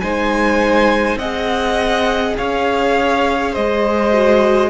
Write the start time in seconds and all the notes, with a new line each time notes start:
0.00 G#3 D#4 C5 G#5
1.16 C4 G#4 D#5 F#5
2.37 C#4 C#5 F5
3.52 G#3 C5 D#5
4.12 F#4